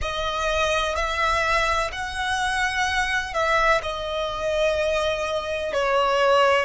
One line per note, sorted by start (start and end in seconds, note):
0.01 0.95 D#5
0.95 1.90 E5
1.92 3.33 F#5
3.33 3.81 E5
3.82 5.73 D#5
5.73 6.65 C#5